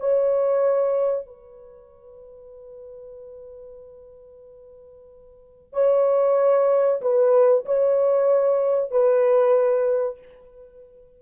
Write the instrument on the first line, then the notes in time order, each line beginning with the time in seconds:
horn
0.00 C#5
1.26 B4
5.73 C#5
7.02 B4
7.66 C#5
8.91 B4